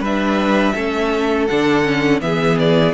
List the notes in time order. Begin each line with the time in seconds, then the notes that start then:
0.00 G3 D4 B4 E5
0.75 A3 C#4 A4
1.47 D3 D4 F#5
1.83 C#4
2.21 E3 B3 G#4 E5
2.59 D5